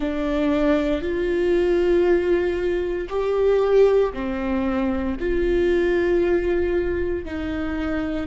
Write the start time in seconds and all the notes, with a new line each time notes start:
0.00 D4
1.01 F4
3.09 G4
4.13 C4
5.20 F4
7.25 D#4